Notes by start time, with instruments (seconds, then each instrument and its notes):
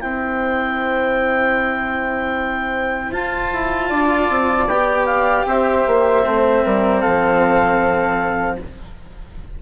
0.00 bassoon C4, cello E4, flute C5, clarinet G5
3.12 cello F4, bassoon F4, clarinet A5
3.53 bassoon E4
3.89 bassoon D4, flute D5
4.30 bassoon C4
4.67 bassoon B3, cello G4, clarinet G5
5.06 clarinet F5
5.46 bassoon C4, flute C5, clarinet E5
5.87 bassoon A#3
6.23 bassoon A3, cello C4
6.65 bassoon G3, flute A#4
7.00 flute A4, clarinet F5
7.06 bassoon F3